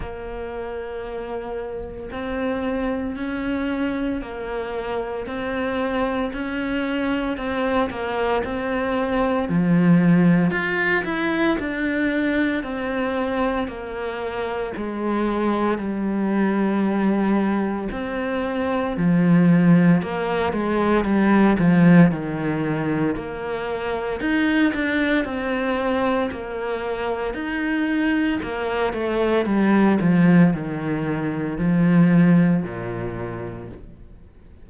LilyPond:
\new Staff \with { instrumentName = "cello" } { \time 4/4 \tempo 4 = 57 ais2 c'4 cis'4 | ais4 c'4 cis'4 c'8 ais8 | c'4 f4 f'8 e'8 d'4 | c'4 ais4 gis4 g4~ |
g4 c'4 f4 ais8 gis8 | g8 f8 dis4 ais4 dis'8 d'8 | c'4 ais4 dis'4 ais8 a8 | g8 f8 dis4 f4 ais,4 | }